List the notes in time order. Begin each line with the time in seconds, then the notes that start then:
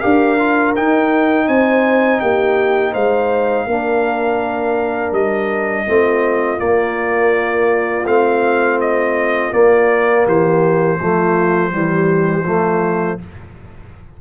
0.00 D4 G4 A#4 F5
0.39 F4
0.76 D#4 G5
1.48 C4 C5 G#5
2.20 A#3 G4 G5
2.92 G#3 C5 F5
3.67 A#3 D4 A#4
5.12 G3 D#5
5.87 A3 C4 F4
6.58 A#3 D5
8.05 A3 C4 F5
8.81 D#5
9.53 A#3 D5
10.25 E3 G4 C5
10.99 F3 A3 F4
11.71 E3 G3 G4
12.44 F3 A3 F4